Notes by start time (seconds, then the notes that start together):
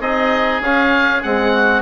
0.00 C4 D#4 G#4 D#5
0.61 C#4 F5
1.23 G#3 C4 F#5
1.52 F#4